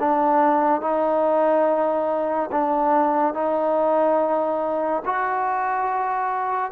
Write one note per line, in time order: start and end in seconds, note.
0.00 0.81 D4
0.81 2.50 D#4
2.52 3.34 D4
3.34 5.03 D#4
5.06 6.72 F#4